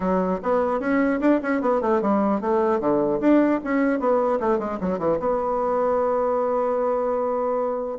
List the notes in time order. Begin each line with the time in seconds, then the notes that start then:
0.00 F#3
0.42 B3
0.79 C#4
1.20 D4
1.42 C#4
1.61 B3
1.81 A3
2.01 G3
2.40 A3
2.80 D3
3.20 D4
3.64 C#4
3.99 B3
4.39 A3
4.59 G#3
4.80 F#3
4.99 E3
5.19 B3